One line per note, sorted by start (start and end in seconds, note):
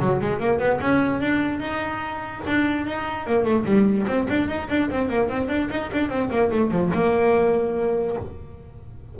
0.00 0.20 F#3
0.21 0.39 G#3
0.39 0.58 A#3
0.58 0.79 B3
0.80 1.20 C#4
1.20 1.59 D4
1.59 2.41 D#4
2.46 2.86 D4
2.86 3.26 D#4
3.26 3.44 A#3
3.44 3.64 A3
3.65 4.05 G3
4.07 4.27 C4
4.29 4.48 D4
4.48 4.68 D#4
4.69 4.89 D4
4.90 5.09 C4
5.09 5.29 A#3
5.29 5.48 C4
5.48 5.69 D4
5.70 5.90 D#4
5.93 6.09 D4
6.09 6.30 C4
6.30 6.50 A#3
6.51 6.71 A3
6.71 6.91 F3
6.94 8.16 A#3